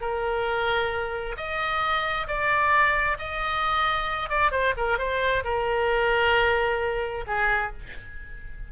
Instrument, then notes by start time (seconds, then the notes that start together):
oboe
0.00 A#4
1.36 D#5
2.27 D5
3.18 D#5
4.29 D5
4.51 C5
4.77 A#4
4.98 C5
5.44 A#4
7.27 G#4